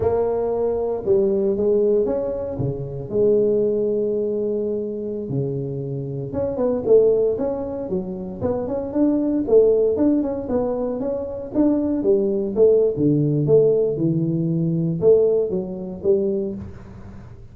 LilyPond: \new Staff \with { instrumentName = "tuba" } { \time 4/4 \tempo 4 = 116 ais2 g4 gis4 | cis'4 cis4 gis2~ | gis2~ gis16 cis4.~ cis16~ | cis16 cis'8 b8 a4 cis'4 fis8.~ |
fis16 b8 cis'8 d'4 a4 d'8 cis'16~ | cis'16 b4 cis'4 d'4 g8.~ | g16 a8. d4 a4 e4~ | e4 a4 fis4 g4 | }